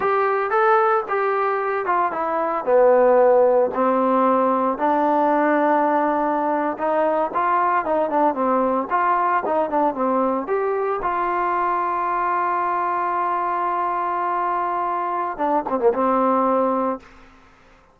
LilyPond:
\new Staff \with { instrumentName = "trombone" } { \time 4/4 \tempo 4 = 113 g'4 a'4 g'4. f'8 | e'4 b2 c'4~ | c'4 d'2.~ | d'8. dis'4 f'4 dis'8 d'8 c'16~ |
c'8. f'4 dis'8 d'8 c'4 g'16~ | g'8. f'2.~ f'16~ | f'1~ | f'4 d'8 c'16 ais16 c'2 | }